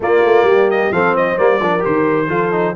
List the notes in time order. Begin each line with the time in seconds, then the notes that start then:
0.00 A#3 F4 D5
0.25 A3
0.43 G3 G4
0.70 D#5
0.91 F3 C4 A4 F5
1.14 C5 D#5
1.37 G3 A#3 D5
1.60 F3 D4 A#4
1.79 G4 C5
1.86 D#3
2.28 F3 F4 A4
2.52 D#4